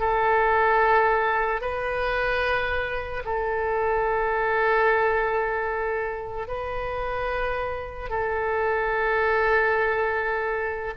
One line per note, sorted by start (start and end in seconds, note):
0.00 1.61 A4
1.61 3.24 B4
3.25 6.48 A4
6.48 8.10 B4
8.10 10.94 A4